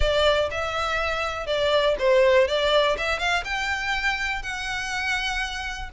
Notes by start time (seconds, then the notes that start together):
0.00 D5
0.51 E5
1.46 D5
1.99 C5
2.47 D5
2.97 E5
3.19 F5
3.44 G5
4.42 F#5